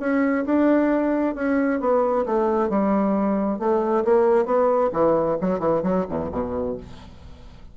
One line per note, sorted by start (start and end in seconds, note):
0.00 0.45 C#4
0.46 1.35 D4
1.35 1.80 C#4
1.80 2.26 B3
2.26 2.69 A3
2.69 3.59 G3
3.59 4.04 A3
4.05 4.45 A#3
4.45 4.90 B3
4.93 5.38 E3
5.41 5.60 F#3
5.60 5.82 E3
5.83 6.06 F#3
6.09 6.32 E2
6.32 6.77 B2